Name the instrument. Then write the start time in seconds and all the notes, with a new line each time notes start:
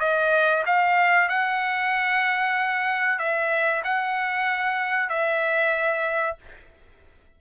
trumpet
0.00 D#5
0.66 F5
1.29 F#5
3.19 E5
3.84 F#5
5.09 E5